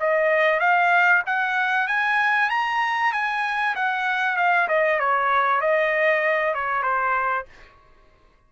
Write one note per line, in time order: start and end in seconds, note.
0.00 0.60 D#5
0.60 1.23 F5
1.26 1.88 F#5
1.88 2.50 G#5
2.50 3.13 A#5
3.13 3.75 G#5
3.76 4.37 F#5
4.37 4.68 F5
4.68 5.00 D#5
5.00 5.61 C#5
5.61 6.54 D#5
6.54 6.83 C#5
6.83 7.45 C5